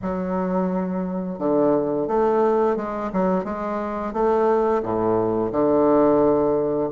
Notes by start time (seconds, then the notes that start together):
0.02 F#3
1.38 D3
2.07 A3
2.76 G#3
3.12 F#3
3.44 G#3
4.13 A3
4.82 A2
5.52 D3